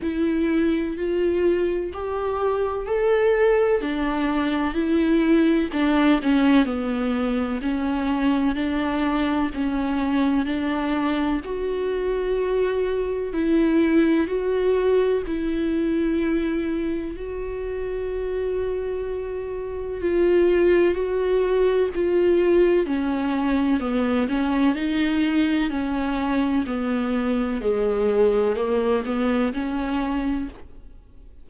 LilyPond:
\new Staff \with { instrumentName = "viola" } { \time 4/4 \tempo 4 = 63 e'4 f'4 g'4 a'4 | d'4 e'4 d'8 cis'8 b4 | cis'4 d'4 cis'4 d'4 | fis'2 e'4 fis'4 |
e'2 fis'2~ | fis'4 f'4 fis'4 f'4 | cis'4 b8 cis'8 dis'4 cis'4 | b4 gis4 ais8 b8 cis'4 | }